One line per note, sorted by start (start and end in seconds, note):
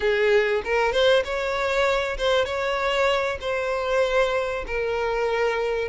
0.00 0.62 G#4
0.64 0.92 A#4
0.92 1.23 C5
1.24 2.17 C#5
2.17 2.45 C5
2.45 3.38 C#5
3.40 4.64 C5
4.66 5.88 A#4